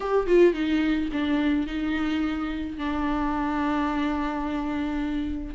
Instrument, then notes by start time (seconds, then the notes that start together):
viola
0.00 G4
0.27 F4
0.53 D#4
1.12 D4
1.66 D#4
2.77 D4